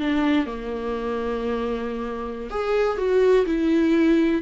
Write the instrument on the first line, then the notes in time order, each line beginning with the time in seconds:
viola
0.00 D4
0.46 A#3
2.51 G#4
2.98 F#4
3.46 E4